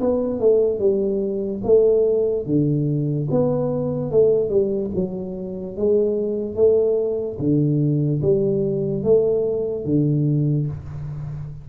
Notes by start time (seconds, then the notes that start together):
0.00 B3
0.40 A3
0.79 G3
1.64 A3
2.46 D3
3.31 B3
4.11 A3
4.49 G3
4.95 F#3
5.76 G#3
6.55 A3
7.39 D3
8.22 G3
9.03 A3
9.85 D3